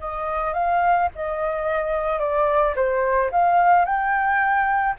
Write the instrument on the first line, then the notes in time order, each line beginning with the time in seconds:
flute
0.00 D#5
0.54 F5
1.16 D#5
2.19 D5
2.75 C5
3.32 F5
3.85 G5